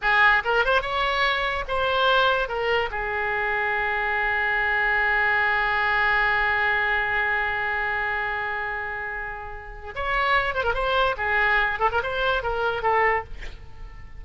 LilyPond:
\new Staff \with { instrumentName = "oboe" } { \time 4/4 \tempo 4 = 145 gis'4 ais'8 c''8 cis''2 | c''2 ais'4 gis'4~ | gis'1~ | gis'1~ |
gis'1~ | gis'1 | cis''4. c''16 ais'16 c''4 gis'4~ | gis'8 a'16 ais'16 c''4 ais'4 a'4 | }